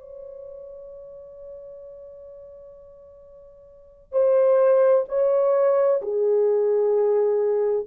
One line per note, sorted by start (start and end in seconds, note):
0.00 4.13 C#5
4.13 5.05 C5
5.09 6.01 C#5
6.02 7.87 G#4